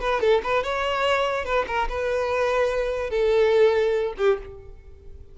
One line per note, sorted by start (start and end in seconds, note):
0.00 0.21 B4
0.21 0.42 A4
0.44 0.63 B4
0.63 1.45 C#5
1.45 1.66 B4
1.67 1.88 A#4
1.89 3.10 B4
3.10 4.14 A4
4.18 4.38 G4